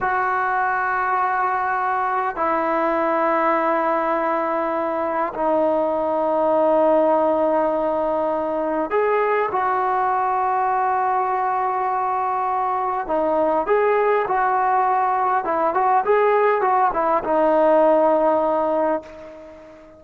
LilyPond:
\new Staff \with { instrumentName = "trombone" } { \time 4/4 \tempo 4 = 101 fis'1 | e'1~ | e'4 dis'2.~ | dis'2. gis'4 |
fis'1~ | fis'2 dis'4 gis'4 | fis'2 e'8 fis'8 gis'4 | fis'8 e'8 dis'2. | }